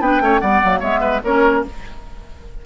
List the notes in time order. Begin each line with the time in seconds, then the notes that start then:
0.00 B3 D4 B4 G5
0.20 A3 C#4 C#5
0.40 G3 B3 D5 F#5
0.63 F#3 A#3
0.80 G#3 B3 C#5 E5
1.00 B4
1.24 A#3 C#4 A#4 C#5